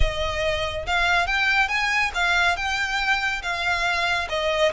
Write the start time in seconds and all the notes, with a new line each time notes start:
0.00 D#5
0.86 F5
1.26 G5
1.68 G#5
2.14 F5
2.56 G5
3.42 F5
4.29 D#5